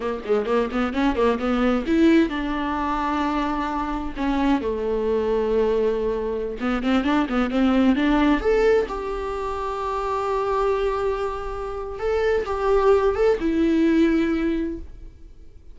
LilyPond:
\new Staff \with { instrumentName = "viola" } { \time 4/4 \tempo 4 = 130 ais8 gis8 ais8 b8 cis'8 ais8 b4 | e'4 d'2.~ | d'4 cis'4 a2~ | a2~ a16 b8 c'8 d'8 b16~ |
b16 c'4 d'4 a'4 g'8.~ | g'1~ | g'2 a'4 g'4~ | g'8 a'8 e'2. | }